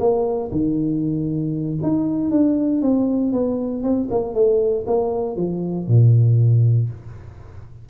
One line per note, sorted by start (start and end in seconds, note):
0.00 0.51 A#3
0.52 1.79 D#3
1.83 2.31 D#4
2.31 2.82 D4
2.82 3.33 C4
3.33 3.83 B3
3.83 4.09 C4
4.11 4.35 A#3
4.35 4.85 A3
4.87 5.37 A#3
5.37 5.88 F3
5.88 6.89 A#2